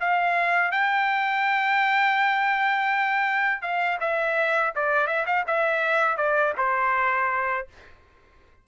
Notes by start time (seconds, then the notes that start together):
0.00 F5
0.71 G5
3.62 F5
4.00 E5
4.75 D5
5.07 E5
5.26 F5
5.47 E5
6.17 D5
6.57 C5